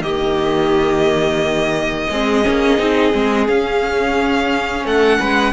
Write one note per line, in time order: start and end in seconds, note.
0.00 2.07 D#3
0.00 2.08 A#3
0.00 2.09 G4
0.00 3.47 D#5
2.09 2.45 G#3
2.09 2.43 C4
2.09 4.85 G#4
2.43 2.78 A#3
2.43 2.77 C#4
2.77 3.13 C4
2.77 3.12 D#4
3.13 3.48 G#3
3.13 3.47 C4
3.48 4.84 C#4
3.48 5.52 C#4
3.48 4.85 F5
4.84 5.19 A3
4.84 5.19 A4
4.84 5.52 F#5
5.19 5.52 G#3
5.19 5.52 B4